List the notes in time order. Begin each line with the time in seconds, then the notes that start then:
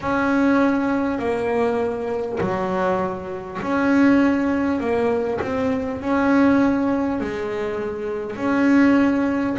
0.01 C#4
1.18 A#3
2.40 F#3
3.62 C#4
4.79 A#3
5.41 C4
6.01 C#4
7.20 G#3
8.36 C#4